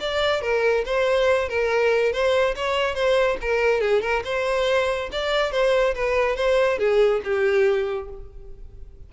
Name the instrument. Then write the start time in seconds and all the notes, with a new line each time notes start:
violin
0.00 D5
0.42 A#4
0.85 C5
1.49 A#4
2.12 C5
2.56 C#5
2.95 C5
3.41 A#4
3.81 G#4
4.02 A#4
4.25 C5
5.12 D5
5.52 C5
5.95 B4
6.36 C5
6.79 G#4
7.24 G4